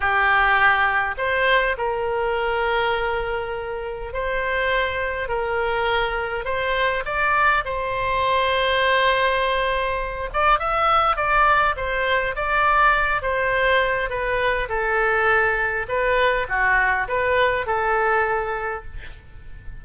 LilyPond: \new Staff \with { instrumentName = "oboe" } { \time 4/4 \tempo 4 = 102 g'2 c''4 ais'4~ | ais'2. c''4~ | c''4 ais'2 c''4 | d''4 c''2.~ |
c''4. d''8 e''4 d''4 | c''4 d''4. c''4. | b'4 a'2 b'4 | fis'4 b'4 a'2 | }